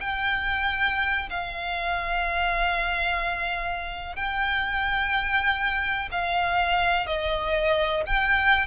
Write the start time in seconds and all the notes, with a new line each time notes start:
0.00 G5
1.29 F5
4.15 G5
6.11 F5
7.06 D#5
8.06 G5